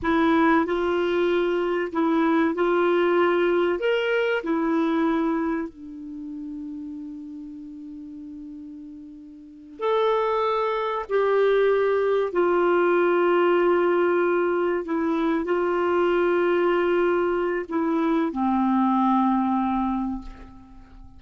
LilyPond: \new Staff \with { instrumentName = "clarinet" } { \time 4/4 \tempo 4 = 95 e'4 f'2 e'4 | f'2 ais'4 e'4~ | e'4 d'2.~ | d'2.~ d'8 a'8~ |
a'4. g'2 f'8~ | f'2.~ f'8 e'8~ | e'8 f'2.~ f'8 | e'4 c'2. | }